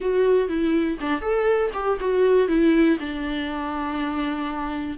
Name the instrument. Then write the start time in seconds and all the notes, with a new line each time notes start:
viola
0.00 F#4
0.48 E4
1.00 D4
1.21 A4
1.73 G4
2.00 F#4
2.47 E4
2.99 D4